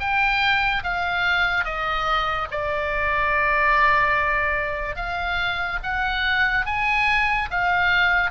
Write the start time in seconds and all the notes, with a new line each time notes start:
0.00 G5
0.84 F5
1.65 D#5
2.52 D5
4.96 F5
5.83 F#5
6.66 G#5
7.51 F5